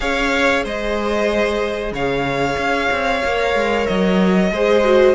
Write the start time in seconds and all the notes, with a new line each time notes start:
0.00 C#4 G#4 C#5 F5
0.63 G#3 C5 D#5
1.91 C#3 C#5 F5
2.57 C#4
2.90 C4
3.24 A#3 A#4
3.54 G#3
3.86 F#3 D#5
4.50 G#3 G#4 C5
4.84 F#4